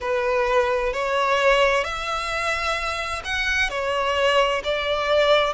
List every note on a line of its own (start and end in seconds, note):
0.00 0.93 B4
0.93 1.84 C#5
1.84 3.22 E5
3.24 3.69 F#5
3.69 4.62 C#5
4.64 5.53 D5